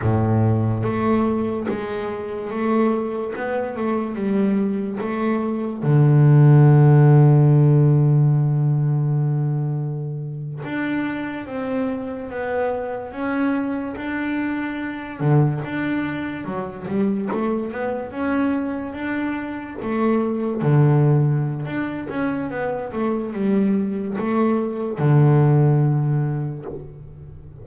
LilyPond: \new Staff \with { instrumentName = "double bass" } { \time 4/4 \tempo 4 = 72 a,4 a4 gis4 a4 | b8 a8 g4 a4 d4~ | d1~ | d8. d'4 c'4 b4 cis'16~ |
cis'8. d'4. d8 d'4 fis16~ | fis16 g8 a8 b8 cis'4 d'4 a16~ | a8. d4~ d16 d'8 cis'8 b8 a8 | g4 a4 d2 | }